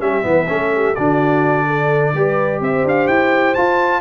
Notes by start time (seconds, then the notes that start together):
0.00 G3 C#4 G4 E5
0.22 E3 B3
0.29 B4
0.48 A3 C#4 A4
0.75 G4
0.95 D3 D4 F#4 D5
1.67 A4
2.13 G3 G4 B4
2.60 C4 C5 E5
2.84 D4 F5
3.07 E4 G5
3.54 F4 A5